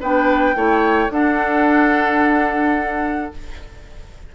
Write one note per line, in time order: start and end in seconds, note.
0.00 0.55 B3
0.00 0.55 D4
0.00 0.56 B4
0.00 1.12 G5
0.55 1.08 A3
0.55 1.09 E4
0.55 1.12 C#5
1.08 3.30 D4
1.08 3.31 D4
1.08 3.35 A4
1.08 3.34 F#5